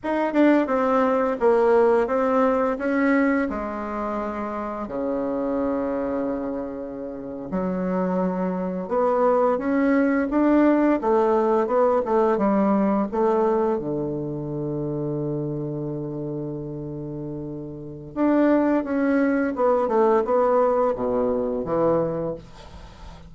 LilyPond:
\new Staff \with { instrumentName = "bassoon" } { \time 4/4 \tempo 4 = 86 dis'8 d'8 c'4 ais4 c'4 | cis'4 gis2 cis4~ | cis2~ cis8. fis4~ fis16~ | fis8. b4 cis'4 d'4 a16~ |
a8. b8 a8 g4 a4 d16~ | d1~ | d2 d'4 cis'4 | b8 a8 b4 b,4 e4 | }